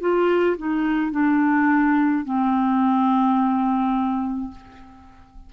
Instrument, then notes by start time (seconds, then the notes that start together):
clarinet
0.00 F4
0.58 D#4
1.12 D4
2.24 C4